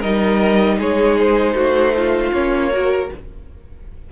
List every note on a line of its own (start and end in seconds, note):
0.00 0.80 G3
0.00 2.33 D#4
0.00 0.77 A#4
0.00 0.79 D#5
0.79 1.55 G#3
0.79 1.56 G#4
0.79 1.19 C#5
1.19 2.33 C5
1.55 2.32 A3
1.55 1.94 F#4
1.96 2.73 F4
2.33 3.09 A#3
2.33 2.72 C#4
2.33 3.10 C#5
2.72 3.11 F#4
2.72 3.12 A#4